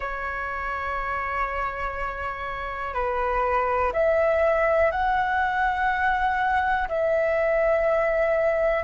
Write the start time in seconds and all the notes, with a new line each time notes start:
0.00 C#5
2.94 B4
3.93 E5
4.91 F#5
6.88 E5